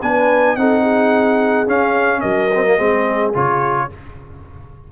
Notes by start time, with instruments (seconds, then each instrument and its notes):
0.00 tuba B3, trombone D4, horn B4, trumpet G#5
0.56 tuba C4, trombone D#4, horn A4, trumpet F#5
0.81 horn G#4
1.67 trombone C#4, tuba C#4, trumpet F5
2.20 tuba F#3, horn A#4, trumpet D#5
2.54 trombone C4
2.64 trombone A#3
2.75 tuba G#3, trombone C4, horn G#4
3.33 tuba C#3, trombone F4, trumpet C#5